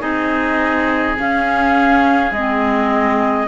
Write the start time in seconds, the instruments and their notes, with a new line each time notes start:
0.00 cello C4, clarinet D#4, oboe G#4, flute D#5
1.19 cello C#4, clarinet C#4, flute F5
2.32 cello G#3, clarinet C4, flute D#5